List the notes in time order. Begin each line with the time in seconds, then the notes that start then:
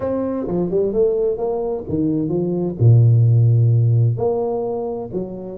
0.00 C4
0.47 F3
0.70 G3
0.92 A3
1.37 A#3
1.88 D#3
2.28 F3
2.79 A#2
4.17 A#3
5.13 F#3